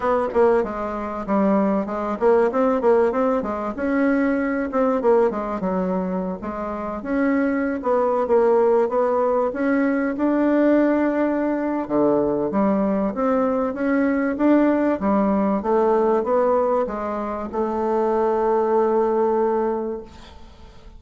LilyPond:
\new Staff \with { instrumentName = "bassoon" } { \time 4/4 \tempo 4 = 96 b8 ais8 gis4 g4 gis8 ais8 | c'8 ais8 c'8 gis8 cis'4. c'8 | ais8 gis8 fis4~ fis16 gis4 cis'8.~ | cis'8 b8. ais4 b4 cis'8.~ |
cis'16 d'2~ d'8. d4 | g4 c'4 cis'4 d'4 | g4 a4 b4 gis4 | a1 | }